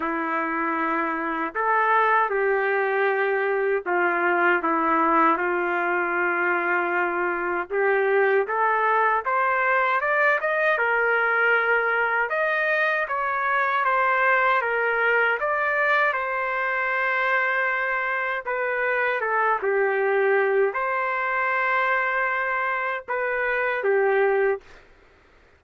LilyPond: \new Staff \with { instrumentName = "trumpet" } { \time 4/4 \tempo 4 = 78 e'2 a'4 g'4~ | g'4 f'4 e'4 f'4~ | f'2 g'4 a'4 | c''4 d''8 dis''8 ais'2 |
dis''4 cis''4 c''4 ais'4 | d''4 c''2. | b'4 a'8 g'4. c''4~ | c''2 b'4 g'4 | }